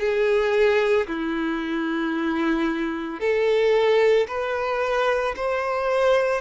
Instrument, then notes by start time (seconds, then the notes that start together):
violin
0.00 G#4
1.08 E4
3.20 A4
4.28 B4
5.36 C5